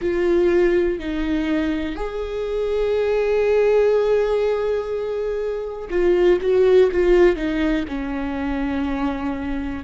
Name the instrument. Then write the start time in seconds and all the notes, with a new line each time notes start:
viola
0.01 F4
0.99 D#4
1.95 G#4
5.90 F4
6.41 F#4
6.91 F4
7.35 D#4
7.88 C#4